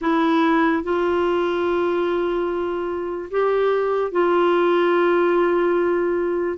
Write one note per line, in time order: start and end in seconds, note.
0.01 0.83 E4
0.83 3.29 F4
3.30 4.11 G4
4.11 6.57 F4